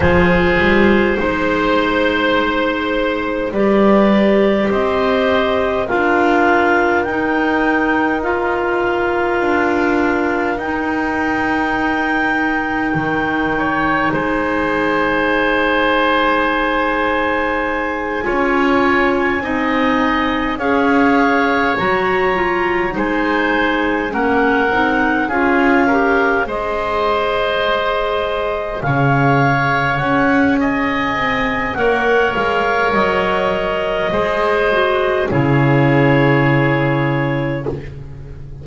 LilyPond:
<<
  \new Staff \with { instrumentName = "clarinet" } { \time 4/4 \tempo 4 = 51 c''2. d''4 | dis''4 f''4 g''4 f''4~ | f''4 g''2. | gis''1~ |
gis''4. f''4 ais''4 gis''8~ | gis''8 fis''4 f''4 dis''4.~ | dis''8 f''4 fis''8 gis''4 fis''8 f''8 | dis''2 cis''2 | }
  \new Staff \with { instrumentName = "oboe" } { \time 4/4 gis'4 c''2 b'4 | c''4 ais'2.~ | ais'2.~ ais'8 cis''8 | c''2.~ c''8 cis''8~ |
cis''8 dis''4 cis''2 c''8~ | c''8 ais'4 gis'8 ais'8 c''4.~ | c''8 cis''4. dis''4 cis''4~ | cis''4 c''4 gis'2 | }
  \new Staff \with { instrumentName = "clarinet" } { \time 4/4 f'4 dis'2 g'4~ | g'4 f'4 dis'4 f'4~ | f'4 dis'2.~ | dis'2.~ dis'8 f'8~ |
f'8 dis'4 gis'4 fis'8 f'8 dis'8~ | dis'8 cis'8 dis'8 f'8 g'8 gis'4.~ | gis'2. ais'4~ | ais'4 gis'8 fis'8 e'2 | }
  \new Staff \with { instrumentName = "double bass" } { \time 4/4 f8 g8 gis2 g4 | c'4 d'4 dis'2 | d'4 dis'2 dis4 | gis2.~ gis8 cis'8~ |
cis'8 c'4 cis'4 fis4 gis8~ | gis8 ais8 c'8 cis'4 gis4.~ | gis8 cis4 cis'4 c'8 ais8 gis8 | fis4 gis4 cis2 | }
>>